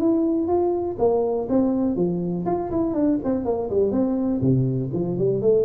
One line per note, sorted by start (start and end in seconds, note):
0.00 0.48 E4
0.48 0.97 F4
0.99 1.48 A#3
1.50 1.96 C4
1.96 2.45 F3
2.46 2.71 F4
2.71 2.94 E4
2.94 3.19 D4
3.25 3.45 C4
3.45 3.70 A#3
3.70 3.92 G3
3.92 4.41 C4
4.42 4.91 C3
4.94 5.18 F3
5.18 5.42 G3
5.42 5.65 A3